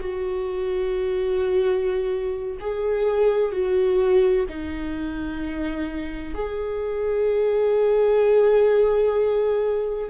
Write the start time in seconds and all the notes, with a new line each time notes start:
0.00 F#4
2.60 G#4
3.52 F#4
4.49 D#4
6.35 G#4